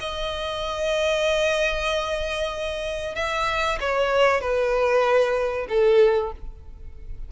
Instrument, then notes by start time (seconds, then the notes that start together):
violin
0.00 D#5
3.15 E5
3.80 C#5
4.40 B4
5.68 A4